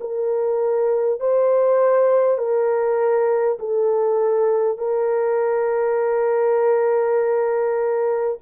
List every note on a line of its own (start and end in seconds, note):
0.00 1.19 A#4
1.19 2.38 C5
2.38 3.58 A#4
3.59 4.78 A4
4.78 8.38 A#4